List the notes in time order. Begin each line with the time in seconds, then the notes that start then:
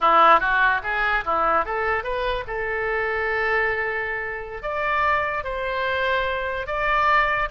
0.00 E4
0.40 F#4
0.83 G#4
1.24 E4
1.65 A4
2.03 B4
2.47 A4
4.62 D5
5.44 C5
6.66 D5